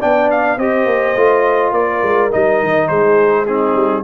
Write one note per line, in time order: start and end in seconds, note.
0.00 0.58 B3
0.00 0.59 D4
0.00 0.58 D5
0.00 0.31 G5
0.31 0.59 F5
0.58 0.86 C4
0.58 1.17 G4
0.58 1.74 C5
0.58 1.73 D#5
0.86 1.15 A#3
1.16 1.72 A3
1.16 2.31 F4
1.72 2.01 A#3
1.72 2.89 A#4
1.72 2.31 D5
2.02 2.31 G#3
2.31 2.63 G3
2.31 3.47 D#4
2.31 2.88 D#5
2.63 2.90 D#3
2.88 3.75 G#3
2.88 3.45 G#4
2.88 3.46 C5
3.45 4.04 C4
3.45 4.03 D#4
3.45 4.04 G#4
3.75 4.04 G3